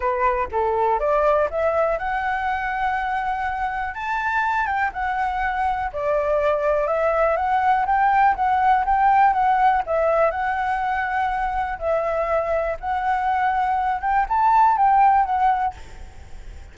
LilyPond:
\new Staff \with { instrumentName = "flute" } { \time 4/4 \tempo 4 = 122 b'4 a'4 d''4 e''4 | fis''1 | a''4. g''8 fis''2 | d''2 e''4 fis''4 |
g''4 fis''4 g''4 fis''4 | e''4 fis''2. | e''2 fis''2~ | fis''8 g''8 a''4 g''4 fis''4 | }